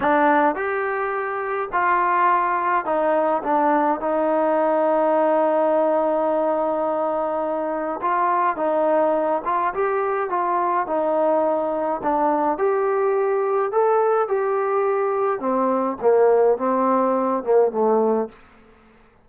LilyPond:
\new Staff \with { instrumentName = "trombone" } { \time 4/4 \tempo 4 = 105 d'4 g'2 f'4~ | f'4 dis'4 d'4 dis'4~ | dis'1~ | dis'2 f'4 dis'4~ |
dis'8 f'8 g'4 f'4 dis'4~ | dis'4 d'4 g'2 | a'4 g'2 c'4 | ais4 c'4. ais8 a4 | }